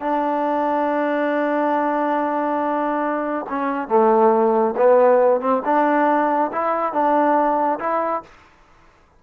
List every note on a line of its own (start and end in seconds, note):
0.00 3.45 D4
3.48 3.88 C#4
3.88 4.74 A3
4.77 5.40 B3
5.40 5.62 C4
5.64 6.51 D4
6.52 6.92 E4
6.92 7.79 D4
7.79 8.22 E4